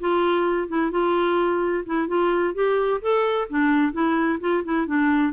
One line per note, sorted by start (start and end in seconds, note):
0.00 0.69 F4
0.69 0.92 E4
0.92 1.85 F4
1.86 2.08 E4
2.08 2.55 F4
2.55 3.01 G4
3.02 3.48 A4
3.50 3.93 D4
3.93 4.39 E4
4.41 4.64 F4
4.65 4.87 E4
4.87 5.33 D4